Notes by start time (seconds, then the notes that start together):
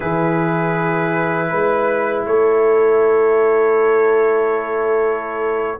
0.00 E3 E4 G#4 B4
1.49 G#3 B4
2.25 A3 A4 C#5